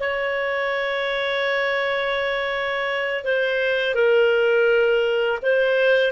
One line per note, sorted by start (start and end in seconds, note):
0.00 3.25 C#5
3.25 3.95 C5
3.95 5.40 A#4
5.43 6.12 C5